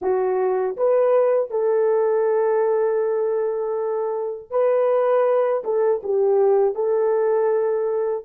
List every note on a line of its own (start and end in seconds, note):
0.01 0.76 F#4
0.76 1.50 B4
1.50 4.50 A4
4.50 5.62 B4
5.64 6.01 A4
6.03 6.74 G4
6.74 8.24 A4